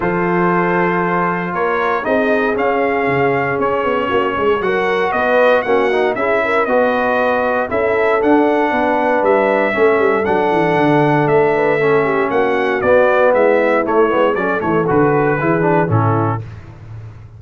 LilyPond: <<
  \new Staff \with { instrumentName = "trumpet" } { \time 4/4 \tempo 4 = 117 c''2. cis''4 | dis''4 f''2 cis''4~ | cis''4 fis''4 dis''4 fis''4 | e''4 dis''2 e''4 |
fis''2 e''2 | fis''2 e''2 | fis''4 d''4 e''4 cis''4 | d''8 cis''8 b'2 a'4 | }
  \new Staff \with { instrumentName = "horn" } { \time 4/4 a'2. ais'4 | gis'1 | fis'8 gis'8 ais'4 b'4 fis'4 | gis'8 ais'8 b'2 a'4~ |
a'4 b'2 a'4~ | a'2~ a'8 b'8 a'8 g'8 | fis'2 e'2 | a'2 gis'4 e'4 | }
  \new Staff \with { instrumentName = "trombone" } { \time 4/4 f'1 | dis'4 cis'2.~ | cis'4 fis'2 cis'8 dis'8 | e'4 fis'2 e'4 |
d'2. cis'4 | d'2. cis'4~ | cis'4 b2 a8 b8 | cis'8 a8 fis'4 e'8 d'8 cis'4 | }
  \new Staff \with { instrumentName = "tuba" } { \time 4/4 f2. ais4 | c'4 cis'4 cis4 cis'8 b8 | ais8 gis8 fis4 b4 ais4 | cis'4 b2 cis'4 |
d'4 b4 g4 a8 g8 | fis8 e8 d4 a2 | ais4 b4 gis4 a8 gis8 | fis8 e8 d4 e4 a,4 | }
>>